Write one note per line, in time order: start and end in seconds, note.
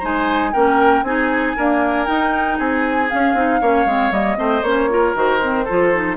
0.00 0.55 G#3
0.00 0.54 D#4
0.00 0.51 C5
0.00 0.54 G#5
0.54 1.03 A#3
0.54 1.06 C#4
0.54 1.05 A#4
0.54 1.04 G5
1.03 1.54 C4
1.03 1.57 D#4
1.03 1.57 G#4
1.03 2.06 G#5
1.57 2.07 A#3
1.57 2.09 D4
1.57 2.58 A#4
2.06 3.09 D#4
2.06 2.60 D#4
2.06 2.58 G5
2.58 3.11 C4
2.58 3.61 G#4
2.58 3.11 G#5
3.11 3.36 C#4
3.11 3.35 C#4
3.11 4.13 F5
3.35 3.60 C4
3.35 3.62 D#4
3.61 3.86 A#3
3.61 3.87 C#4
3.61 4.38 C#5
3.86 4.11 G#3
3.86 4.12 C4
4.11 4.37 G3
4.11 4.37 A#3
4.11 4.64 D#5
4.37 4.63 A3
4.37 4.63 C4
4.37 4.90 C5
4.63 5.14 A#3
4.63 4.90 C#4
4.63 5.15 C#5
4.90 5.15 F4
4.90 5.65 A#4
5.15 5.67 D#3
5.15 5.41 F#4
5.15 6.17 C5
5.42 5.67 C4
5.65 6.17 F3
5.65 5.93 F4
5.65 6.16 A4
5.93 6.17 D#4